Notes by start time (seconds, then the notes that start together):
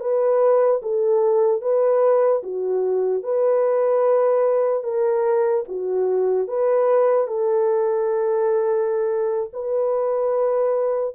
0.00 B4
0.82 A4
1.61 B4
2.43 F#4
3.23 B4
4.83 A#4
5.68 F#4
6.48 B4
7.28 A4
9.53 B4